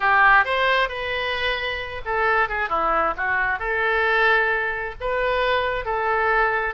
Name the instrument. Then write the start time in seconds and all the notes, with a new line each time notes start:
oboe
0.00 G4
0.44 C5
0.88 B4
2.05 A4
2.48 G#4
2.69 E4
3.16 F#4
3.59 A4
5.00 B4
5.85 A4